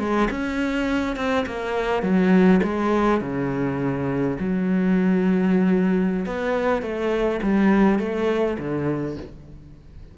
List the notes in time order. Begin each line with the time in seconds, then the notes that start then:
0.00 G#3
0.31 C#4
1.17 C4
1.47 A#3
2.03 F#3
2.63 G#3
3.21 C#3
4.40 F#3
6.26 B3
6.83 A3
7.43 G3
8.00 A3
8.59 D3